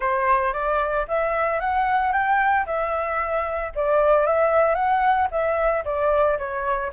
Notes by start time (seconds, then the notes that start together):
0.00 C5
0.53 D5
1.08 E5
1.60 F#5
2.12 G5
2.66 E5
3.75 D5
4.26 E5
4.74 F#5
5.31 E5
5.84 D5
6.38 C#5